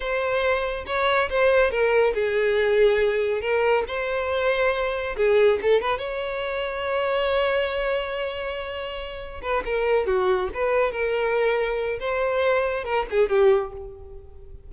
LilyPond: \new Staff \with { instrumentName = "violin" } { \time 4/4 \tempo 4 = 140 c''2 cis''4 c''4 | ais'4 gis'2. | ais'4 c''2. | gis'4 a'8 b'8 cis''2~ |
cis''1~ | cis''2 b'8 ais'4 fis'8~ | fis'8 b'4 ais'2~ ais'8 | c''2 ais'8 gis'8 g'4 | }